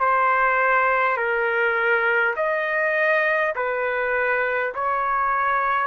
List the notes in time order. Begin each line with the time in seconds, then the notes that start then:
0.00 C5
1.17 A#4
2.36 D#5
3.56 B4
4.75 C#5